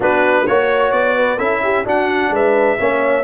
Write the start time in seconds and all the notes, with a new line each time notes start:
0.00 B3 D4 F#4 B4
0.47 A#3 F#4 C#5
0.92 B3 D5
1.16 B4
1.37 C#4 E4 A4 E5
1.63 G4
1.85 D4 F#4 F#5
2.29 G#3 B4 E5
2.78 A#3 C#4 C#5